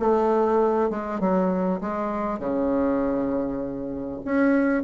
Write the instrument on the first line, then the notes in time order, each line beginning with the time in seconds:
bassoon
0.00 A3
0.90 G#3
1.20 F#3
1.81 G#3
2.39 C#3
4.25 C#4